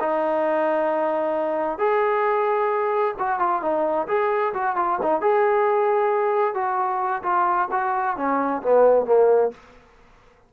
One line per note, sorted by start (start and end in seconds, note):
0.00 1.78 D#4
1.78 3.14 G#4
3.19 3.39 F#4
3.39 3.62 F4
3.62 4.07 D#4
4.07 4.53 G#4
4.54 4.76 F#4
4.76 4.99 F4
5.02 5.21 D#4
5.21 6.54 G#4
6.54 7.22 F#4
7.23 7.68 F4
7.71 8.16 F#4
8.16 8.62 C#4
8.62 9.05 B3
9.05 9.51 A#3